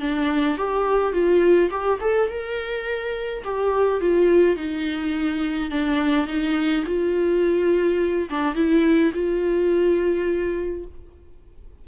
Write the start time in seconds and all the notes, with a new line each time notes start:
0.00 D4
0.57 G4
1.12 F4
1.70 G4
2.00 A4
2.29 A#4
3.44 G4
4.00 F4
4.56 D#4
5.70 D4
6.27 D#4
6.86 F4
8.29 D4
8.55 E4
9.14 F4